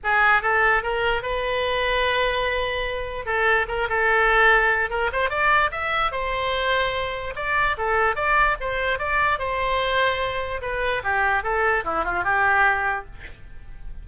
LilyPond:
\new Staff \with { instrumentName = "oboe" } { \time 4/4 \tempo 4 = 147 gis'4 a'4 ais'4 b'4~ | b'1 | a'4 ais'8 a'2~ a'8 | ais'8 c''8 d''4 e''4 c''4~ |
c''2 d''4 a'4 | d''4 c''4 d''4 c''4~ | c''2 b'4 g'4 | a'4 e'8 f'8 g'2 | }